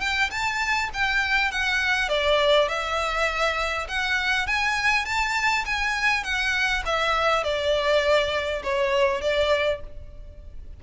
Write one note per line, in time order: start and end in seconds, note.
0.00 0.30 G5
0.30 0.90 A5
0.93 1.51 G5
1.51 2.09 F#5
2.09 2.68 D5
2.68 3.87 E5
3.89 4.47 F#5
4.47 5.05 G#5
5.05 5.65 A5
5.65 6.23 G#5
6.23 6.83 F#5
6.85 7.44 E5
7.44 8.62 D5
8.63 9.21 C#5
9.21 9.80 D5